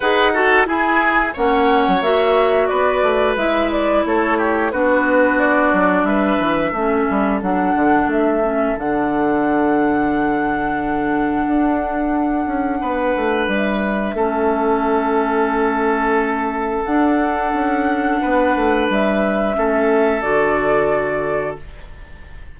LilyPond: <<
  \new Staff \with { instrumentName = "flute" } { \time 4/4 \tempo 4 = 89 fis''4 gis''4 fis''4 e''4 | d''4 e''8 d''8 cis''4 b'4 | d''4 e''2 fis''4 | e''4 fis''2.~ |
fis''1 | e''1~ | e''4 fis''2. | e''2 d''2 | }
  \new Staff \with { instrumentName = "oboe" } { \time 4/4 b'8 a'8 gis'4 cis''2 | b'2 a'8 g'8 fis'4~ | fis'4 b'4 a'2~ | a'1~ |
a'2. b'4~ | b'4 a'2.~ | a'2. b'4~ | b'4 a'2. | }
  \new Staff \with { instrumentName = "clarinet" } { \time 4/4 gis'8 fis'8 e'4 cis'4 fis'4~ | fis'4 e'2 d'4~ | d'2 cis'4 d'4~ | d'8 cis'8 d'2.~ |
d'1~ | d'4 cis'2.~ | cis'4 d'2.~ | d'4 cis'4 fis'2 | }
  \new Staff \with { instrumentName = "bassoon" } { \time 4/4 dis'4 e'4 ais8. fis16 ais4 | b8 a8 gis4 a4 b4~ | b8 fis8 g8 e8 a8 g8 fis8 d8 | a4 d2.~ |
d4 d'4. cis'8 b8 a8 | g4 a2.~ | a4 d'4 cis'4 b8 a8 | g4 a4 d2 | }
>>